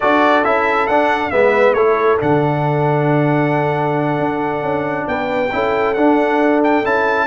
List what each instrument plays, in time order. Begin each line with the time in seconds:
0.00 tuba D4, trombone F#4, horn A4, trumpet D5
0.44 tuba C#4, trombone E4, trumpet E5
0.87 tuba D4, trombone D4, trumpet F#5
1.30 tuba G#3, trombone B3, horn B4, trumpet E5
1.73 tuba A3, trombone E4, horn A4, trumpet C#5
2.18 tuba D3, trombone D4, trumpet F#5
4.19 tuba D4
4.61 tuba C#4
5.07 tuba B3, horn B4, trumpet G5
5.51 tuba C#4, trombone E4, horn A4
5.94 tuba D4, trombone D4, trumpet F#5
6.63 trumpet G5
6.83 tuba C#4, trombone E4, trumpet A5